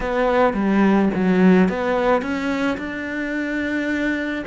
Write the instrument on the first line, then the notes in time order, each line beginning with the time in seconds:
cello
0.00 B3
0.53 G3
1.14 F#3
1.68 B3
2.21 C#4
2.77 D4